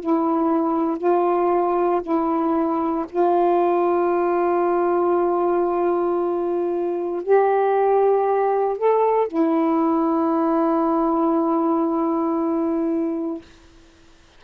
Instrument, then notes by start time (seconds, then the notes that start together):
saxophone
0.00 E4
0.98 F4
2.02 E4
3.09 F4
7.23 G4
8.78 A4
9.28 E4